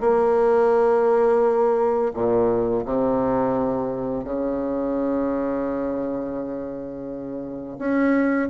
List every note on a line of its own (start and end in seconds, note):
0.00 2.12 A#3
2.13 2.84 A#2
2.85 4.24 C3
4.24 7.77 C#3
7.78 8.49 C#4